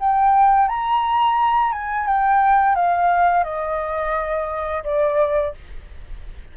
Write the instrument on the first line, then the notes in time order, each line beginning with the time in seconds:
flute
0.00 G5
0.68 A#5
1.73 G#5
2.07 G5
2.76 F5
3.44 D#5
4.84 D5